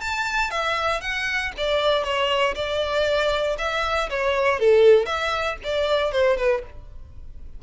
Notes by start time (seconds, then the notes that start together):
0.00 A5
0.50 E5
1.01 F#5
1.57 D5
2.03 C#5
2.55 D5
3.58 E5
4.10 C#5
4.59 A4
5.05 E5
5.63 D5
6.12 C5
6.37 B4